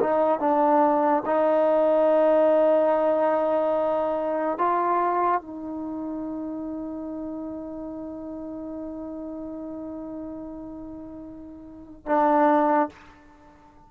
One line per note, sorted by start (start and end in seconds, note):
0.00 0.39 D#4
0.39 1.23 D4
1.26 4.58 D#4
4.58 5.41 F4
5.41 12.06 D#4
12.06 12.89 D4